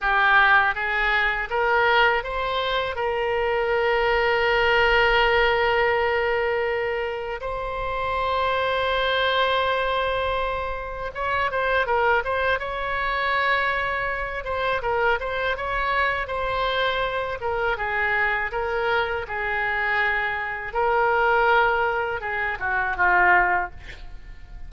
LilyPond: \new Staff \with { instrumentName = "oboe" } { \time 4/4 \tempo 4 = 81 g'4 gis'4 ais'4 c''4 | ais'1~ | ais'2 c''2~ | c''2. cis''8 c''8 |
ais'8 c''8 cis''2~ cis''8 c''8 | ais'8 c''8 cis''4 c''4. ais'8 | gis'4 ais'4 gis'2 | ais'2 gis'8 fis'8 f'4 | }